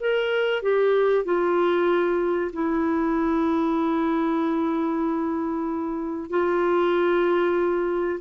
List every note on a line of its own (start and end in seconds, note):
0.00 0.62 A#4
0.62 1.25 G4
1.25 2.51 F4
2.53 6.30 E4
6.30 8.19 F4